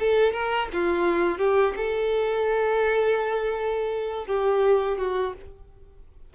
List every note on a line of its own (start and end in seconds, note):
0.00 0.33 A4
0.33 0.69 A#4
0.73 1.38 F4
1.38 1.74 G4
1.77 4.27 A4
4.27 4.98 G4
4.98 5.34 F#4